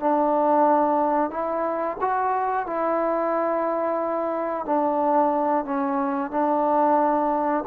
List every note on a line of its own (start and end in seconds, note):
0.00 1.31 D4
1.31 1.97 E4
2.01 2.66 F#4
2.66 4.66 E4
4.66 5.65 D4
5.65 6.31 C#4
6.31 7.64 D4